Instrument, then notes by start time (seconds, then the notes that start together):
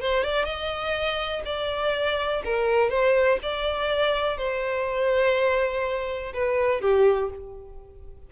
violin
0.00 C5
0.23 D5
0.45 D#5
1.45 D5
2.45 A#4
2.90 C5
3.42 D5
4.37 C5
6.33 B4
6.81 G4